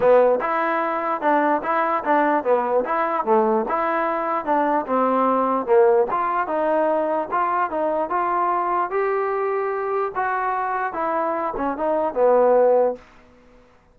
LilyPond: \new Staff \with { instrumentName = "trombone" } { \time 4/4 \tempo 4 = 148 b4 e'2 d'4 | e'4 d'4 b4 e'4 | a4 e'2 d'4 | c'2 ais4 f'4 |
dis'2 f'4 dis'4 | f'2 g'2~ | g'4 fis'2 e'4~ | e'8 cis'8 dis'4 b2 | }